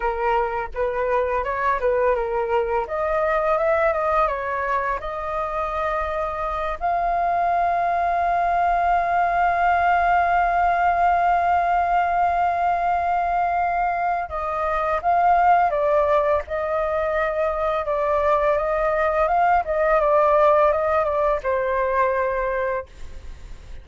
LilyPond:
\new Staff \with { instrumentName = "flute" } { \time 4/4 \tempo 4 = 84 ais'4 b'4 cis''8 b'8 ais'4 | dis''4 e''8 dis''8 cis''4 dis''4~ | dis''4. f''2~ f''8~ | f''1~ |
f''1 | dis''4 f''4 d''4 dis''4~ | dis''4 d''4 dis''4 f''8 dis''8 | d''4 dis''8 d''8 c''2 | }